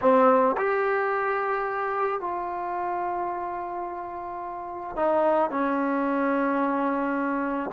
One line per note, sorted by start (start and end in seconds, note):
0.01 0.56 C4
0.57 2.20 G4
2.20 4.95 F4
4.95 5.50 D#4
5.50 7.70 C#4